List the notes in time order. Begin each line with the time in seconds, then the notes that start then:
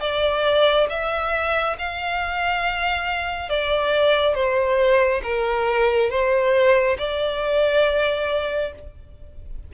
0.00 D5
0.89 E5
1.79 F5
3.49 D5
4.34 C5
5.23 A#4
6.10 C5
6.98 D5